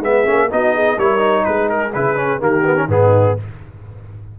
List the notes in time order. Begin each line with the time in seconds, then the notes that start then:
0.00 G#3 B3 G#4 E5
0.25 A#3 C#4
0.50 B3 D#4 F#4 D#5
0.74 G#4
0.96 G3 E4 A#4 C#5
1.18 D#4
1.45 G#3 G#4 B4
1.69 A#4
1.94 C#3 E4 B4
2.16 C#4
2.39 D#3 A#3 G4 A#4
2.64 B3
2.76 C#4
2.87 G#2 B3 D#4 G#4